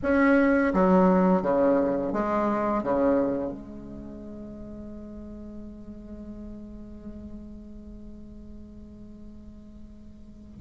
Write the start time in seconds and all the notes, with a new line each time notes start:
0.02 C#4
0.73 F#3
1.42 C#3
2.12 G#3
2.83 C#3
3.51 G#3